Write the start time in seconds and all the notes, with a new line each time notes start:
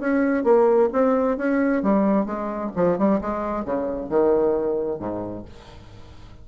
0.00 C#4
0.44 A#3
0.93 C4
1.38 C#4
1.83 G3
2.26 G#3
2.76 F3
2.98 G3
3.21 G#3
3.65 C#3
4.10 D#3
5.00 G#2